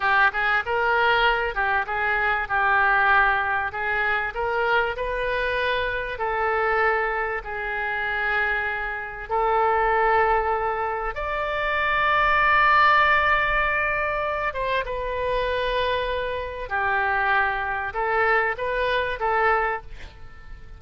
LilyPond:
\new Staff \with { instrumentName = "oboe" } { \time 4/4 \tempo 4 = 97 g'8 gis'8 ais'4. g'8 gis'4 | g'2 gis'4 ais'4 | b'2 a'2 | gis'2. a'4~ |
a'2 d''2~ | d''2.~ d''8 c''8 | b'2. g'4~ | g'4 a'4 b'4 a'4 | }